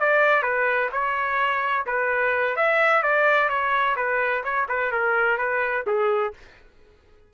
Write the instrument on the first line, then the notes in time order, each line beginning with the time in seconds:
trumpet
0.00 D5
0.43 B4
0.92 C#5
1.86 B4
2.56 E5
3.03 D5
3.49 C#5
3.97 B4
4.44 C#5
4.69 B4
4.92 A#4
5.38 B4
5.87 G#4